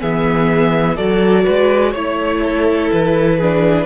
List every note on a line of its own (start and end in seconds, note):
0.00 0.98 E3
0.00 0.97 B3
0.00 0.97 G#4
0.00 0.97 E5
0.97 1.47 F#3
0.97 1.95 F#4
0.97 1.44 A4
0.97 1.94 D5
1.44 1.94 G#3
1.44 1.92 B4
1.92 2.91 A3
1.92 3.41 E4
1.92 2.40 C#5
1.92 2.92 C#5
2.44 3.38 A4
2.92 3.87 E3
2.92 3.87 B4
3.38 3.87 D4
3.38 3.86 G#4